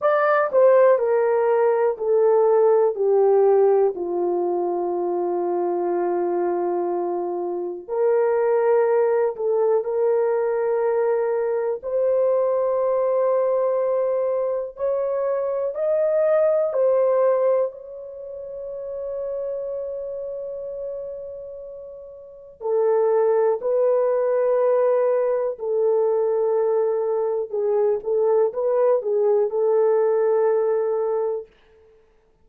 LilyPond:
\new Staff \with { instrumentName = "horn" } { \time 4/4 \tempo 4 = 61 d''8 c''8 ais'4 a'4 g'4 | f'1 | ais'4. a'8 ais'2 | c''2. cis''4 |
dis''4 c''4 cis''2~ | cis''2. a'4 | b'2 a'2 | gis'8 a'8 b'8 gis'8 a'2 | }